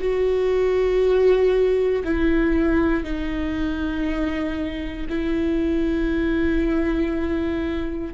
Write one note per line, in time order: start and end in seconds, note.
0.00 2.03 F#4
2.04 3.04 E4
3.04 5.07 D#4
5.09 8.14 E4